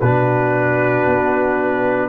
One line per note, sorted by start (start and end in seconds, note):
0.00 1.06 B2
0.00 2.09 D4
0.00 2.09 F#4
0.00 2.09 B4
1.06 2.09 B3